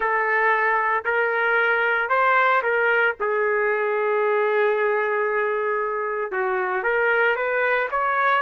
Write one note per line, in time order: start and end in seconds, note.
0.00 1.04 A4
1.05 2.09 A#4
2.09 2.61 C5
2.62 3.15 A#4
3.19 6.31 G#4
6.31 6.83 F#4
6.83 7.35 A#4
7.35 7.88 B4
7.91 8.42 C#5